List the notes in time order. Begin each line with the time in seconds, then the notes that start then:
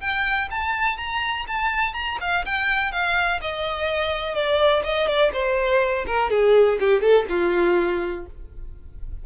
0.00 G5
0.50 A5
0.97 A#5
1.47 A5
1.94 A#5
2.21 F5
2.45 G5
2.92 F5
3.41 D#5
4.34 D5
4.84 D#5
5.07 D5
5.33 C5
6.07 A#4
6.30 G#4
6.80 G4
7.01 A4
7.29 F4